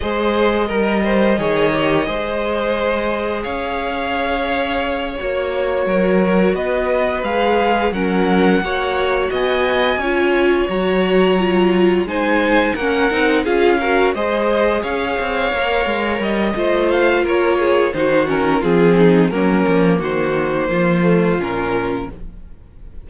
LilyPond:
<<
  \new Staff \with { instrumentName = "violin" } { \time 4/4 \tempo 4 = 87 dis''1~ | dis''4 f''2~ f''8 cis''8~ | cis''4. dis''4 f''4 fis''8~ | fis''4. gis''2 ais''8~ |
ais''4. gis''4 fis''4 f''8~ | f''8 dis''4 f''2 dis''8~ | dis''8 f''8 cis''4 c''8 ais'8 gis'4 | ais'4 c''2 ais'4 | }
  \new Staff \with { instrumentName = "violin" } { \time 4/4 c''4 ais'8 c''8 cis''4 c''4~ | c''4 cis''2.~ | cis''8 ais'4 b'2 ais'8~ | ais'8 cis''4 dis''4 cis''4.~ |
cis''4. c''4 ais'4 gis'8 | ais'8 c''4 cis''2~ cis''8 | c''4 ais'8 gis'8 fis'4 f'8 dis'8 | cis'4 fis'4 f'2 | }
  \new Staff \with { instrumentName = "viola" } { \time 4/4 gis'4 ais'4 gis'8 g'8 gis'4~ | gis'2.~ gis'8 fis'8~ | fis'2~ fis'8 gis'4 cis'8~ | cis'8 fis'2 f'4 fis'8~ |
fis'8 f'4 dis'4 cis'8 dis'8 f'8 | fis'8 gis'2 ais'4. | f'2 dis'8 cis'8 c'4 | ais2~ ais8 a8 cis'4 | }
  \new Staff \with { instrumentName = "cello" } { \time 4/4 gis4 g4 dis4 gis4~ | gis4 cis'2~ cis'8 ais8~ | ais8 fis4 b4 gis4 fis8~ | fis8 ais4 b4 cis'4 fis8~ |
fis4. gis4 ais8 c'8 cis'8~ | cis'8 gis4 cis'8 c'8 ais8 gis8 g8 | a4 ais4 dis4 f4 | fis8 f8 dis4 f4 ais,4 | }
>>